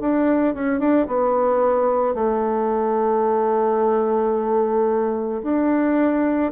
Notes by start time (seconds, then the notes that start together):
0.00 D4
0.54 C#4
0.79 D4
1.07 B3
2.14 A3
5.42 D4